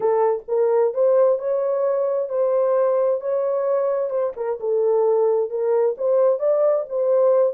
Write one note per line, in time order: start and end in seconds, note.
0.00 0.43 A4
0.48 0.93 A#4
0.94 1.38 C5
1.38 2.29 C#5
2.29 3.20 C5
3.20 4.10 C#5
4.10 4.32 C5
4.36 4.59 A#4
4.59 5.50 A4
5.50 5.95 A#4
5.97 6.39 C5
6.39 6.85 D5
6.89 7.53 C5